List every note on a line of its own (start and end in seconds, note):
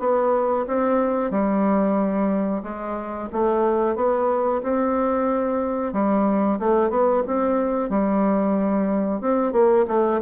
0.00 0.66 B3
0.68 1.31 C4
1.31 2.63 G3
2.63 3.29 G#3
3.33 3.96 A3
3.96 4.62 B3
4.63 5.93 C4
5.93 6.59 G3
6.60 6.90 A3
6.90 7.23 B3
7.27 7.90 C4
7.90 9.21 G3
9.21 9.53 C4
9.53 9.86 A#3
9.88 10.21 A3